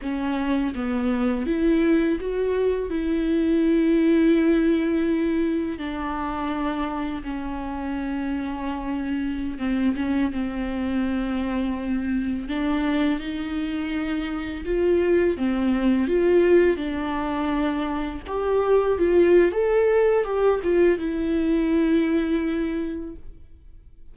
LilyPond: \new Staff \with { instrumentName = "viola" } { \time 4/4 \tempo 4 = 83 cis'4 b4 e'4 fis'4 | e'1 | d'2 cis'2~ | cis'4~ cis'16 c'8 cis'8 c'4.~ c'16~ |
c'4~ c'16 d'4 dis'4.~ dis'16~ | dis'16 f'4 c'4 f'4 d'8.~ | d'4~ d'16 g'4 f'8. a'4 | g'8 f'8 e'2. | }